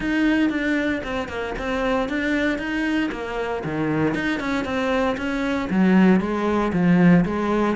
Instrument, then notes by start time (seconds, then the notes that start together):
cello
0.00 D#4
0.49 D4
1.03 C4
1.28 A#3
1.58 C4
2.08 D4
2.58 D#4
3.11 A#3
3.64 D#3
4.14 D#4
4.39 C#4
4.64 C4
5.17 C#4
5.70 F#3
6.20 G#3
6.72 F3
7.25 G#3